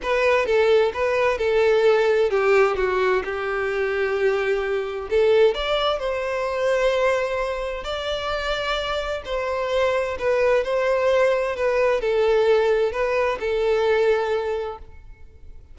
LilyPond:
\new Staff \with { instrumentName = "violin" } { \time 4/4 \tempo 4 = 130 b'4 a'4 b'4 a'4~ | a'4 g'4 fis'4 g'4~ | g'2. a'4 | d''4 c''2.~ |
c''4 d''2. | c''2 b'4 c''4~ | c''4 b'4 a'2 | b'4 a'2. | }